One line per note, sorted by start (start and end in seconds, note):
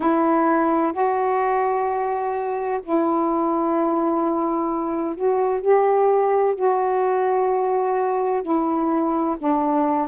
0.00 0.92 E4
0.92 2.80 F#4
2.83 5.15 E4
5.15 5.61 F#4
5.61 6.55 G4
6.55 8.42 F#4
8.42 9.36 E4
9.38 10.08 D4